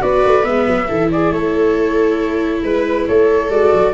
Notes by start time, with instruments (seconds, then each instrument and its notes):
0.00 tuba B3, viola F#4 B4, flute D5
0.25 tuba A3
0.43 tuba G#3, viola B3, flute E5
0.67 tuba F#3
0.88 tuba E3, viola E4 A4
1.11 viola G#4, flute D5
1.31 tuba A3, viola A4, flute C#5
2.63 tuba G#3, flute B4, viola B4
3.08 tuba A3, viola A4, flute C#5
3.49 tuba G#3, viola F#4, flute D5
3.73 tuba F#3